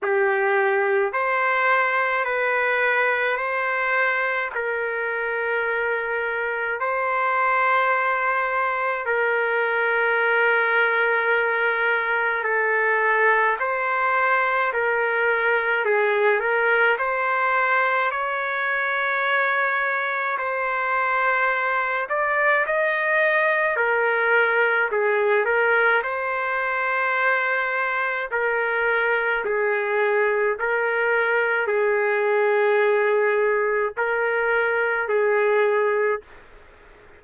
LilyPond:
\new Staff \with { instrumentName = "trumpet" } { \time 4/4 \tempo 4 = 53 g'4 c''4 b'4 c''4 | ais'2 c''2 | ais'2. a'4 | c''4 ais'4 gis'8 ais'8 c''4 |
cis''2 c''4. d''8 | dis''4 ais'4 gis'8 ais'8 c''4~ | c''4 ais'4 gis'4 ais'4 | gis'2 ais'4 gis'4 | }